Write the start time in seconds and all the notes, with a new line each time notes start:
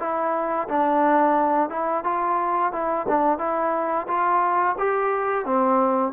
0.00 E4
0.69 D4
1.70 E4
2.05 F4
2.73 E4
3.09 D4
3.39 E4
4.08 F4
4.79 G4
5.46 C4